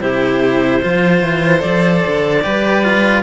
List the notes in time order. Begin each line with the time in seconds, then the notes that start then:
0.00 C3 E4 G4 C5
0.82 F3 F4 C5
1.22 E3
1.59 F3 A4 D5
2.06 D3
2.43 G3 G4 B4
2.84 F4